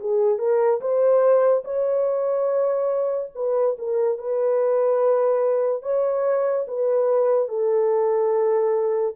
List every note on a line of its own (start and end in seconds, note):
0.00 0.39 G#4
0.39 0.80 A#4
0.81 1.64 C5
1.64 3.31 C#5
3.34 3.76 B4
3.78 4.18 A#4
4.18 5.83 B4
5.83 6.66 C#5
6.67 7.48 B4
7.48 9.15 A4